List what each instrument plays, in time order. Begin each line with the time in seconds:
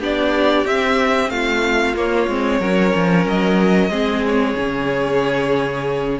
0.00 cello B3, viola D4, violin G4 D5
0.65 viola C4, cello C4, violin E5
1.29 cello A3, violin F4 F5
1.94 cello A#3, viola A#3, violin C#5
2.28 cello G#3, viola C4
2.60 cello F#3, viola C#4, violin A#4
2.94 cello F3
3.26 cello F#3, violin D#5
3.90 cello G#3, viola C4, violin G#4
4.26 violin C#5
4.56 cello C#3, viola C#4